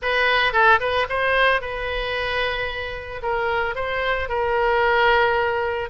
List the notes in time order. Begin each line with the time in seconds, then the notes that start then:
0.02 B4
0.52 A4
0.80 B4
1.09 C5
1.61 B4
3.22 A#4
3.75 C5
4.28 A#4